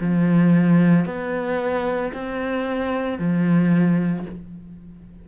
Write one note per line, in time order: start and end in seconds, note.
0.00 1.05 F3
1.05 2.12 B3
2.13 3.19 C4
3.19 4.26 F3